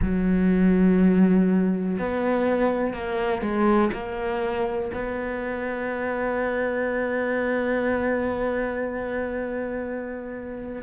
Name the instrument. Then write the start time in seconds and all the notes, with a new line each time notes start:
cello
0.01 F#3
1.99 B3
2.93 A#3
3.42 G#3
3.93 A#3
4.93 B3